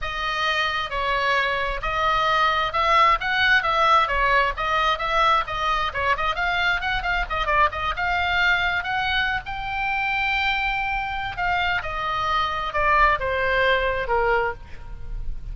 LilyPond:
\new Staff \with { instrumentName = "oboe" } { \time 4/4 \tempo 4 = 132 dis''2 cis''2 | dis''2 e''4 fis''4 | e''4 cis''4 dis''4 e''4 | dis''4 cis''8 dis''8 f''4 fis''8 f''8 |
dis''8 d''8 dis''8 f''2 fis''8~ | fis''8. g''2.~ g''16~ | g''4 f''4 dis''2 | d''4 c''2 ais'4 | }